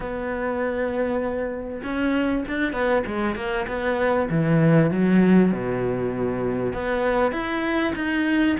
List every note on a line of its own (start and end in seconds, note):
0.00 1.81 B3
1.83 2.44 C#4
2.48 2.72 D4
2.72 3.03 B3
3.06 3.35 G#3
3.35 3.66 A#3
3.67 4.28 B3
4.30 4.91 E3
4.91 5.52 F#3
5.52 6.73 B2
6.73 7.32 B3
7.32 7.93 E4
7.95 8.56 D#4